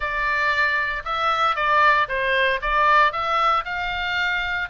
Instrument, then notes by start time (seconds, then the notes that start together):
oboe
0.00 D5
1.05 E5
1.55 D5
2.08 C5
2.61 D5
3.12 E5
3.64 F5